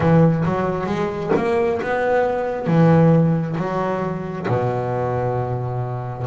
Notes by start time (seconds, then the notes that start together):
0.00 E3
0.45 F#3
0.86 G#3
1.36 A#3
1.82 B3
2.66 E3
3.57 F#3
4.48 B2